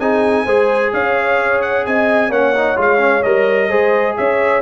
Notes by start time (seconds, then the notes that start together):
0.00 C4 D#4 G#4 G#5
0.45 G#3 G#4 C5
0.93 C#4 C#5 F5
1.62 F#5
1.86 C4 D#5 G#5
2.30 A#3 C#4 C#5 F#5
2.55 D#4
2.77 G#3 F4 F5
2.98 C#4
3.23 G3 A#4 D#5
3.69 G#3 G#4 C5
4.17 C#4 C#5 E5